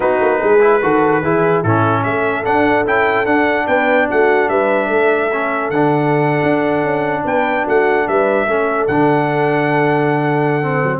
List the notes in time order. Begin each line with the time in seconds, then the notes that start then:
0.00 B3 D#4 F#4 B4
0.21 A#3
0.39 G#3 G#4
0.60 E4
0.82 D#3 F#4 A4
1.22 E3 E4 G#4
1.63 A2 C#4 E4 A4
2.03 A3 A4 E5
2.44 D4 F#5
2.86 C#4 E4 G5
3.25 D4 F#5
3.66 B3 B4 G5
4.09 A3 F#4 F#5
4.48 G3 B4 E5
4.87 A3 A4
5.32 C#4
5.70 D3 D4 F#5
6.42 D4
6.83 C#4
7.24 B3 B4 G5
7.63 A3 F#4 F#5
8.07 G3 B4 E5
8.45 A3 C#4 A4
8.87 D3 D4 F#5
10.62 C4
10.83 F#3